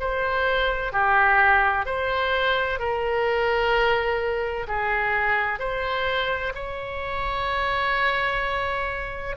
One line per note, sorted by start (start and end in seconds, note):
0.00 0.92 C5
0.92 1.86 G4
1.86 2.80 C5
2.80 4.67 A#4
4.68 5.59 G#4
5.59 6.53 C5
6.55 9.36 C#5